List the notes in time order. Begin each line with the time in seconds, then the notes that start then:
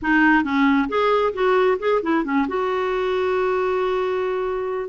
0.02 D#4
0.43 C#4
0.88 G#4
1.33 F#4
1.79 G#4
2.02 E4
2.24 C#4
2.47 F#4